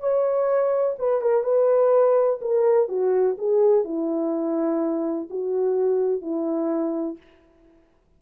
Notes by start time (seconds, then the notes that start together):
0.00 C#5
0.99 B4
1.21 A#4
1.44 B4
2.41 A#4
2.89 F#4
3.38 G#4
3.84 E4
5.30 F#4
6.21 E4